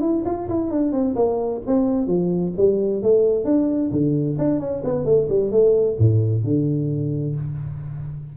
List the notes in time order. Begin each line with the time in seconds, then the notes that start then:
0.00 E4
0.25 F4
0.48 E4
0.70 D4
0.92 C4
1.15 A#3
1.66 C4
2.07 F3
2.56 G3
3.02 A3
3.44 D4
3.91 D3
4.38 D4
4.59 C#4
4.84 B3
5.04 A3
5.29 G3
5.51 A3
5.98 A2
6.43 D3